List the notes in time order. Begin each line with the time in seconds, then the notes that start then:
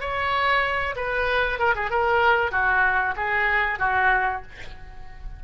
0.00 C#5
0.96 B4
1.58 A#4
1.75 G#4
1.90 A#4
2.51 F#4
3.16 G#4
3.79 F#4